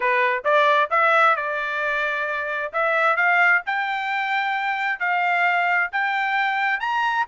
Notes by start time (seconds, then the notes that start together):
0.00 B4
0.44 D5
0.90 E5
1.36 D5
2.73 E5
3.16 F5
3.65 G5
4.99 F5
5.92 G5
6.80 A#5